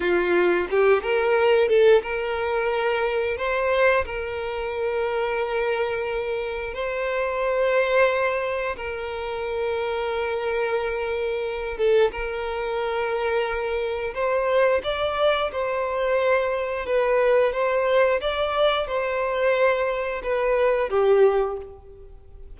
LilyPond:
\new Staff \with { instrumentName = "violin" } { \time 4/4 \tempo 4 = 89 f'4 g'8 ais'4 a'8 ais'4~ | ais'4 c''4 ais'2~ | ais'2 c''2~ | c''4 ais'2.~ |
ais'4. a'8 ais'2~ | ais'4 c''4 d''4 c''4~ | c''4 b'4 c''4 d''4 | c''2 b'4 g'4 | }